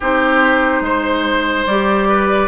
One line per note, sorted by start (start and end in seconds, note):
0.00 0.81 C4
0.00 1.68 D#4
0.00 0.83 G4
0.00 1.66 C5
0.81 1.64 G#3
0.81 2.08 C5
1.66 2.48 G3
1.66 2.48 G4
1.66 2.48 D5
2.08 2.48 B4